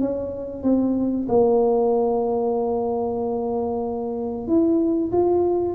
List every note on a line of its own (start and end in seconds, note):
0.00 0.63 C#4
0.63 1.27 C4
1.28 4.47 A#3
4.47 5.11 E4
5.12 5.75 F4